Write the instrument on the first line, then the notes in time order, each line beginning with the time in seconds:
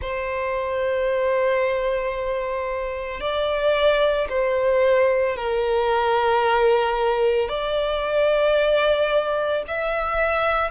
violin
0.01 C5
3.20 D5
4.29 C5
5.36 A#4
7.49 D5
9.67 E5